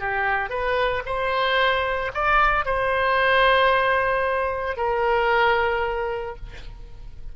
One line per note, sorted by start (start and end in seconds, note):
0.00 0.50 G4
0.50 1.03 B4
1.06 2.12 C5
2.14 2.65 D5
2.65 4.77 C5
4.77 6.36 A#4